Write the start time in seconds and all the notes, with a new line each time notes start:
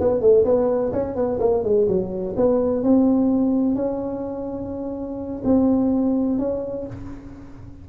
0.00 B3
0.21 A3
0.45 B3
0.93 C#4
1.16 B3
1.40 A#3
1.64 G#3
1.88 F#3
2.37 B3
2.83 C4
3.76 C#4
5.45 C4
6.39 C#4